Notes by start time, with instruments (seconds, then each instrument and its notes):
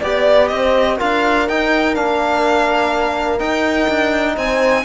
0.00 cello B3, trombone G4, horn D5, violin D5
0.48 cello C4, horn C5, violin D#5
0.97 cello D4, trombone F4, horn A#4, violin F5
1.49 cello D#4, trombone D#4, violin G5
1.94 cello A#3, trombone D4, violin F5
3.39 trombone D#4, cello D#4, violin G5
3.89 cello D4
4.36 cello C4, horn C5, violin G#5